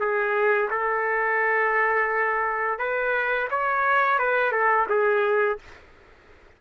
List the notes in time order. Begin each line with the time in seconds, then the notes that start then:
0.00 G#4
0.71 A4
2.79 B4
3.51 C#5
4.19 B4
4.52 A4
4.89 G#4